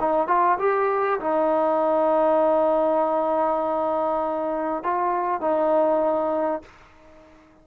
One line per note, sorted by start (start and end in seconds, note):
0.00 0.27 D#4
0.27 0.58 F4
0.59 1.19 G4
1.20 4.83 D#4
4.83 5.41 F4
5.41 6.62 D#4